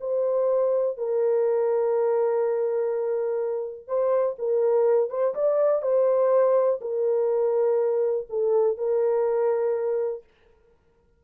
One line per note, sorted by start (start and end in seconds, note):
0.00 0.97 C5
0.97 3.88 A#4
3.88 4.36 C5
4.39 5.10 A#4
5.10 5.34 C5
5.35 5.82 D5
5.82 6.80 C5
6.81 8.27 A#4
8.29 8.77 A4
8.77 10.24 A#4